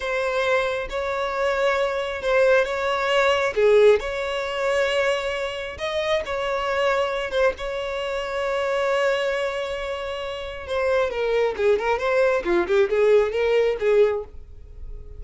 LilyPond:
\new Staff \with { instrumentName = "violin" } { \time 4/4 \tempo 4 = 135 c''2 cis''2~ | cis''4 c''4 cis''2 | gis'4 cis''2.~ | cis''4 dis''4 cis''2~ |
cis''8 c''8 cis''2.~ | cis''1 | c''4 ais'4 gis'8 ais'8 c''4 | f'8 g'8 gis'4 ais'4 gis'4 | }